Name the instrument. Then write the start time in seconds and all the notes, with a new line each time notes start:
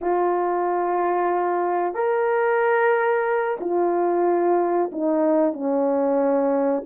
horn
0.01 F4
1.94 A#4
3.60 F4
4.92 D#4
5.53 C#4